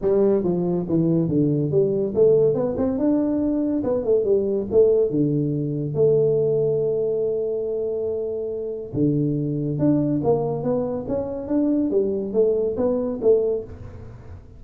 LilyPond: \new Staff \with { instrumentName = "tuba" } { \time 4/4 \tempo 4 = 141 g4 f4 e4 d4 | g4 a4 b8 c'8 d'4~ | d'4 b8 a8 g4 a4 | d2 a2~ |
a1~ | a4 d2 d'4 | ais4 b4 cis'4 d'4 | g4 a4 b4 a4 | }